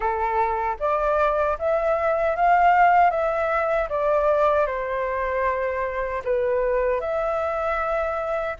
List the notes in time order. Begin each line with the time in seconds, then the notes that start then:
0.00 A4
0.79 D5
1.58 E5
2.36 F5
3.10 E5
3.89 D5
4.66 C5
6.24 B4
7.00 E5